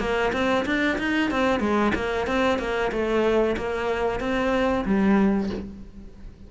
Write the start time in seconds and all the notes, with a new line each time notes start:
0.00 A#3
0.33 C4
0.66 D4
0.99 D#4
1.31 C4
1.60 G#3
1.95 A#3
2.27 C4
2.59 A#3
2.92 A3
3.57 A#3
4.20 C4
4.86 G3